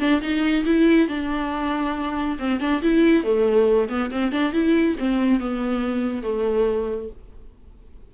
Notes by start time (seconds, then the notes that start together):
0.00 D4
0.22 D#4
0.66 E4
1.09 D4
2.40 C4
2.61 D4
2.83 E4
3.25 A3
3.89 B3
4.11 C4
4.32 D4
4.53 E4
4.99 C4
5.40 B3
6.23 A3